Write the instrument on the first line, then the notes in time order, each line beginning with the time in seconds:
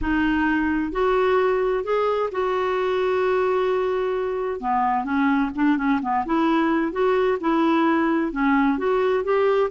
clarinet
0.01 D#4
0.92 F#4
1.84 G#4
2.31 F#4
4.60 B3
5.04 C#4
5.55 D4
5.77 C#4
6.02 B3
6.25 E4
6.91 F#4
7.40 E4
8.31 C#4
8.78 F#4
9.24 G4